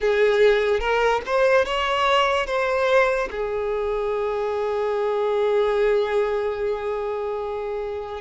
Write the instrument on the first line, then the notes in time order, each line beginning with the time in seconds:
violin
0.00 G#4
0.80 A#4
1.26 C5
1.65 C#5
2.46 C5
3.31 G#4